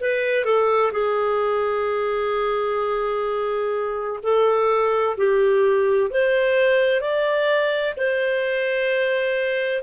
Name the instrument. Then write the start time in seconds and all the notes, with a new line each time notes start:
clarinet
0.00 B4
0.44 A4
0.92 G#4
4.23 A4
5.17 G4
6.10 C5
7.01 D5
7.96 C5